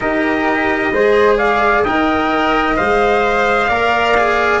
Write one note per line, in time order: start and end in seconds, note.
0.00 0.92 D#4
0.00 0.93 G4
0.00 0.92 A#4
0.00 1.37 D#5
0.92 1.84 G#3
0.92 1.86 G#4
0.92 1.37 C5
1.37 1.83 D5
1.37 1.83 F5
1.83 2.77 D#4
1.83 2.76 A#4
1.83 3.67 D#5
1.83 2.76 G5
2.76 3.69 G#3
2.76 3.68 C5
2.76 4.60 F5
3.67 4.60 A#3
3.67 4.15 A#4
3.67 4.60 D5
4.17 4.60 G#4